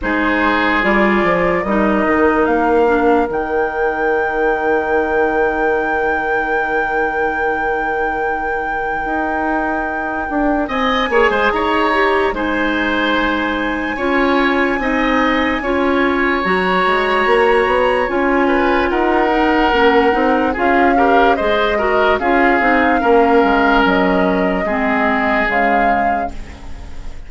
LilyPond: <<
  \new Staff \with { instrumentName = "flute" } { \time 4/4 \tempo 4 = 73 c''4 d''4 dis''4 f''4 | g''1~ | g''1~ | g''4 gis''4 ais''4 gis''4~ |
gis''1 | ais''2 gis''4 fis''4~ | fis''4 f''4 dis''4 f''4~ | f''4 dis''2 f''4 | }
  \new Staff \with { instrumentName = "oboe" } { \time 4/4 gis'2 ais'2~ | ais'1~ | ais'1~ | ais'4 dis''8 cis''16 c''16 cis''4 c''4~ |
c''4 cis''4 dis''4 cis''4~ | cis''2~ cis''8 b'8 ais'4~ | ais'4 gis'8 ais'8 c''8 ais'8 gis'4 | ais'2 gis'2 | }
  \new Staff \with { instrumentName = "clarinet" } { \time 4/4 dis'4 f'4 dis'4. d'8 | dis'1~ | dis'1~ | dis'4. gis'4 g'8 dis'4~ |
dis'4 f'4 dis'4 f'4 | fis'2 f'4. dis'8 | cis'8 dis'8 f'8 g'8 gis'8 fis'8 f'8 dis'8 | cis'2 c'4 gis4 | }
  \new Staff \with { instrumentName = "bassoon" } { \time 4/4 gis4 g8 f8 g8 dis8 ais4 | dis1~ | dis2. dis'4~ | dis'8 d'8 c'8 ais16 gis16 dis'4 gis4~ |
gis4 cis'4 c'4 cis'4 | fis8 gis8 ais8 b8 cis'4 dis'4 | ais8 c'8 cis'4 gis4 cis'8 c'8 | ais8 gis8 fis4 gis4 cis4 | }
>>